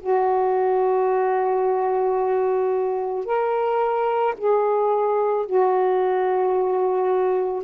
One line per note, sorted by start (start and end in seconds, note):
0.00 3.25 F#4
3.25 4.34 A#4
4.38 5.46 G#4
5.46 7.64 F#4